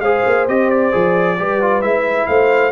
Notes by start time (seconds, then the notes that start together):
0.00 G#3 G#4 C5 F5
0.26 A#3
0.48 C4 G4 D#5
0.70 D5
0.92 F3 G#4
1.39 G3 G4 B4
1.61 F4
1.82 G#3 E4 E5
2.27 A3 C5 F5